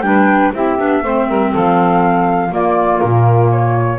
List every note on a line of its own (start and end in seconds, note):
0.00 0.50 G3
0.00 0.53 D4
0.00 0.53 B4
0.00 0.51 G5
0.53 0.78 C4
0.53 0.78 E4
0.53 1.02 G4
0.53 1.54 E5
0.78 1.03 B3
0.78 1.02 D4
1.03 1.28 A3
1.03 2.50 C4
1.03 1.28 C5
1.28 1.53 G3
1.28 1.51 A#4
1.51 2.52 F3
1.51 2.49 A4
1.51 2.54 F5
2.49 3.99 A#3
2.49 3.01 A#3
2.49 3.98 F4
2.49 3.00 D5
3.00 3.99 A#2
3.00 3.49 A#4
3.51 3.99 C#5